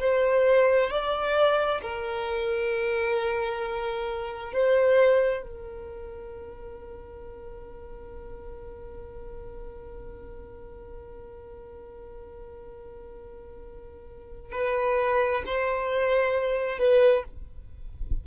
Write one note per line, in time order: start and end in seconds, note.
0.00 0.91 C5
0.91 1.82 D5
1.83 4.53 A#4
4.53 5.43 C5
5.43 14.52 A#4
14.53 15.44 B4
15.47 16.79 C5
16.79 17.24 B4